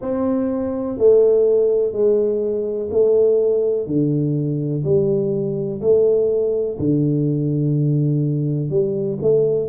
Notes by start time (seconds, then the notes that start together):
0.01 C4
0.97 A3
1.92 G#3
2.90 A3
3.86 D3
4.84 G3
5.81 A3
6.78 D3
8.69 G3
9.22 A3